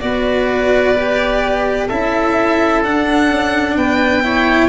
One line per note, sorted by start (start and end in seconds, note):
0.00 1.90 B3
0.00 0.95 F#4
0.00 1.88 B4
0.00 1.88 D5
0.96 1.89 G4
1.88 2.83 C#4
1.88 2.84 E4
1.88 3.75 A4
1.88 2.83 E5
2.83 3.30 D4
2.83 4.23 D4
2.83 3.76 F#5
3.30 3.76 C#4
3.76 4.69 B3
3.76 4.24 B4
3.76 4.69 G5
4.23 4.69 E4
4.23 4.69 C#5